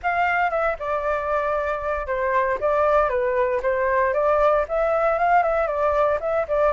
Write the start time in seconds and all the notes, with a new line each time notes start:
0.03 F5
0.50 E5
0.79 D5
2.06 C5
2.60 D5
3.09 B4
3.62 C5
4.13 D5
4.68 E5
5.18 F5
5.42 E5
5.67 D5
6.20 E5
6.47 D5